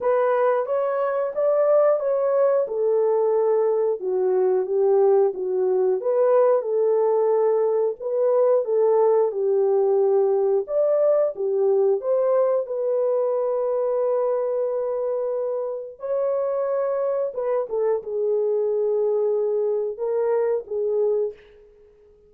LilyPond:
\new Staff \with { instrumentName = "horn" } { \time 4/4 \tempo 4 = 90 b'4 cis''4 d''4 cis''4 | a'2 fis'4 g'4 | fis'4 b'4 a'2 | b'4 a'4 g'2 |
d''4 g'4 c''4 b'4~ | b'1 | cis''2 b'8 a'8 gis'4~ | gis'2 ais'4 gis'4 | }